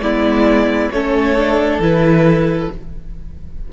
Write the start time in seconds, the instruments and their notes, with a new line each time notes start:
0.00 cello G#3, viola B3, violin E4 D5
0.92 cello A3, viola C#4, violin A4 C#5
1.38 viola D4
1.79 cello E3, viola E4, violin B4